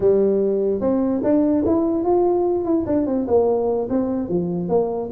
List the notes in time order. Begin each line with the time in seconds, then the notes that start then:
0.00 G3
0.81 C4
1.23 D4
1.65 E4
2.04 F4
2.64 E4
2.86 D4
3.06 C4
3.27 A#3
3.89 C4
4.28 F3
4.68 A#3